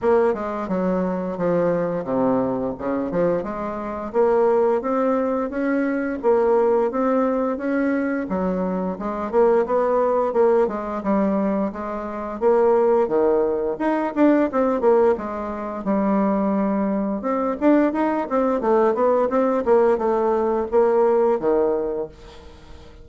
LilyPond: \new Staff \with { instrumentName = "bassoon" } { \time 4/4 \tempo 4 = 87 ais8 gis8 fis4 f4 c4 | cis8 f8 gis4 ais4 c'4 | cis'4 ais4 c'4 cis'4 | fis4 gis8 ais8 b4 ais8 gis8 |
g4 gis4 ais4 dis4 | dis'8 d'8 c'8 ais8 gis4 g4~ | g4 c'8 d'8 dis'8 c'8 a8 b8 | c'8 ais8 a4 ais4 dis4 | }